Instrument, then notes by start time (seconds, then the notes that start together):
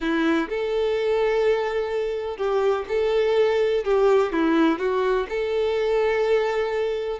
violin
0.00 E4
0.49 A4
2.37 G4
2.88 A4
3.84 G4
4.32 E4
4.78 F#4
5.29 A4